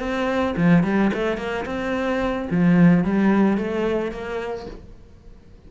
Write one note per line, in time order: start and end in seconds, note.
0.00 0.55 C4
0.57 0.84 F3
0.84 1.12 G3
1.14 1.38 A3
1.38 1.65 A#3
1.66 2.49 C4
2.51 3.05 F3
3.05 3.58 G3
3.58 4.12 A3
4.12 4.67 A#3